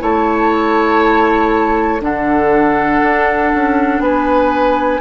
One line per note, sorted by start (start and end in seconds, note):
0.00 2.01 A3
0.00 2.00 E4
0.00 2.02 C#5
0.00 2.02 A5
2.01 3.01 D3
2.01 5.01 D4
2.01 4.03 A4
2.01 4.02 F#5
3.02 3.52 D4
3.55 4.00 C#4
4.00 5.00 B3
4.00 5.01 B4
4.00 5.01 G#5